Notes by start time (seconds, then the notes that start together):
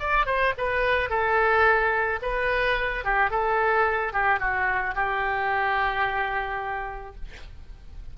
0.00 D5
0.26 C5
0.58 B4
1.10 A4
2.22 B4
3.05 G4
3.31 A4
4.13 G4
4.40 F#4
4.95 G4